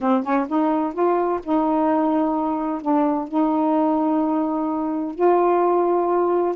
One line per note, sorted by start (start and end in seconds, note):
0.00 0.23 C4
0.23 0.46 C#4
0.48 0.93 D#4
0.93 1.40 F4
1.43 2.81 D#4
2.81 3.28 D4
3.28 5.15 D#4
5.15 6.55 F4